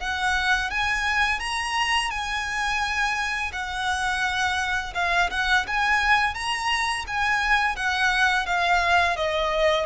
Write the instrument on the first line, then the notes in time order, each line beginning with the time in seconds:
violin
0.00 F#5
0.71 G#5
1.40 A#5
2.10 G#5
3.52 F#5
4.94 F5
5.31 F#5
5.67 G#5
6.35 A#5
7.07 G#5
7.76 F#5
8.46 F5
9.16 D#5